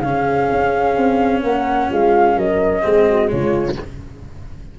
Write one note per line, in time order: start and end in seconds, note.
0.00 0.47 C#3
0.00 2.82 C#4
0.00 1.42 G#4
0.00 1.41 F5
0.51 0.96 C#4
0.96 1.43 C4
1.43 1.90 A#3
1.43 1.89 A#4
1.43 1.91 F#5
1.89 2.36 G#3
1.89 2.36 F4
1.89 2.38 F5
2.36 2.83 F#3
2.36 2.82 A#4
2.36 3.29 D#5
2.82 3.31 G#3
2.82 3.28 C4
2.82 3.06 G#4
3.08 3.31 F#4
3.28 3.79 C#3
3.28 3.74 G#3
3.28 3.78 F4
3.28 3.76 C#5